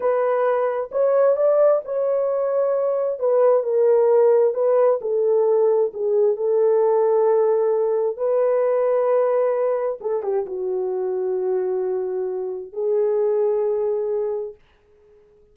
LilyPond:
\new Staff \with { instrumentName = "horn" } { \time 4/4 \tempo 4 = 132 b'2 cis''4 d''4 | cis''2. b'4 | ais'2 b'4 a'4~ | a'4 gis'4 a'2~ |
a'2 b'2~ | b'2 a'8 g'8 fis'4~ | fis'1 | gis'1 | }